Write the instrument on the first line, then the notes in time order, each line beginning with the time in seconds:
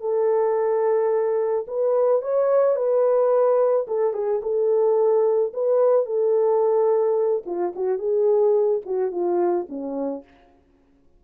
horn
0.00 A4
1.67 B4
2.22 C#5
2.76 B4
3.87 A4
4.13 G#4
4.42 A4
5.53 B4
6.06 A4
7.46 F4
7.75 F#4
7.98 G#4
8.85 F#4
9.11 F4
9.69 C#4